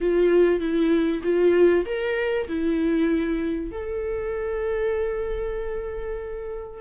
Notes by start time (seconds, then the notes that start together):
0.00 F4
0.60 E4
1.23 F4
1.85 A#4
2.48 E4
3.71 A4